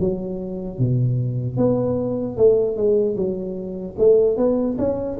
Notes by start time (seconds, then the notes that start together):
0.00 F#3
0.79 B2
1.57 B3
2.37 A3
2.77 G#3
3.16 F#3
3.99 A3
4.37 B3
4.79 C#4